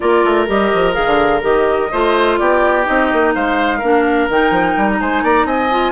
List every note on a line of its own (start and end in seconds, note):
0.00 0.24 A#3
0.00 0.47 F4
0.00 1.91 A#4
0.00 0.47 D5
0.24 0.48 A3
0.47 0.72 G3
0.47 0.92 G4
0.47 0.94 D#5
0.73 0.97 F3
0.92 1.06 D#3
0.92 1.40 G#4
0.92 1.41 F5
1.06 1.41 D3
1.41 1.91 D#3
1.41 1.89 G4
1.41 2.37 D#5
1.91 2.39 A3
1.91 2.84 F4
1.91 2.39 C5
2.37 2.87 B3
2.37 3.34 G4
2.37 2.85 D5
2.84 3.12 C4
2.84 3.80 D#4
2.84 3.33 D#5
3.12 3.35 A#3
3.34 3.82 G#3
3.34 3.78 C5
3.34 4.29 F5
3.78 4.28 A#3
3.78 4.30 D4
3.78 4.97 A#4
4.28 4.50 D#3
4.28 5.70 D#4
4.28 4.91 G5
4.50 4.74 F3
4.77 5.00 G3
4.92 5.00 A#5
5.00 5.23 G#3
5.00 5.23 C5
5.00 5.24 G#5
5.23 5.45 A#3
5.23 5.46 D5
5.23 5.47 A#5
5.45 5.92 C4
5.45 5.92 D#5
5.45 5.92 G#5
5.70 5.92 F4